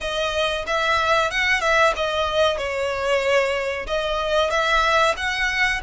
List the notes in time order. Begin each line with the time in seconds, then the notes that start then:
0.00 D#5
0.66 E5
1.30 F#5
1.60 E5
1.96 D#5
2.57 C#5
3.87 D#5
4.50 E5
5.16 F#5